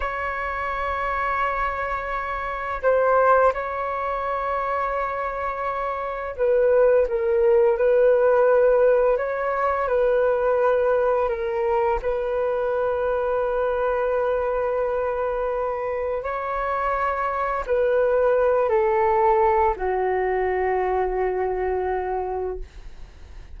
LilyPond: \new Staff \with { instrumentName = "flute" } { \time 4/4 \tempo 4 = 85 cis''1 | c''4 cis''2.~ | cis''4 b'4 ais'4 b'4~ | b'4 cis''4 b'2 |
ais'4 b'2.~ | b'2. cis''4~ | cis''4 b'4. a'4. | fis'1 | }